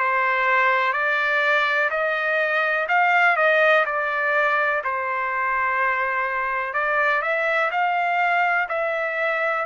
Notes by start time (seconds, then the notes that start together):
0.00 C5
0.93 D5
1.91 D#5
2.89 F5
3.37 D#5
3.86 D5
4.85 C5
6.74 D5
7.22 E5
7.72 F5
8.70 E5